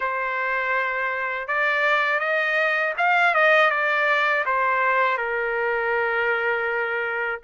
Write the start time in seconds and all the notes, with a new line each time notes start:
0.00 C5
1.47 D5
2.19 D#5
2.97 F5
3.34 D#5
3.70 D5
4.45 C5
5.17 A#4